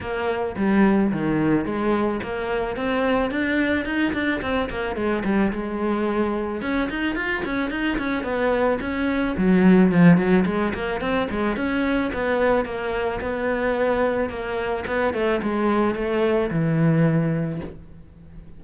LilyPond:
\new Staff \with { instrumentName = "cello" } { \time 4/4 \tempo 4 = 109 ais4 g4 dis4 gis4 | ais4 c'4 d'4 dis'8 d'8 | c'8 ais8 gis8 g8 gis2 | cis'8 dis'8 f'8 cis'8 dis'8 cis'8 b4 |
cis'4 fis4 f8 fis8 gis8 ais8 | c'8 gis8 cis'4 b4 ais4 | b2 ais4 b8 a8 | gis4 a4 e2 | }